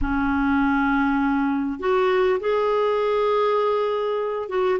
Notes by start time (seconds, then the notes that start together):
0.01 C#4
1.79 F#4
2.40 G#4
4.48 F#4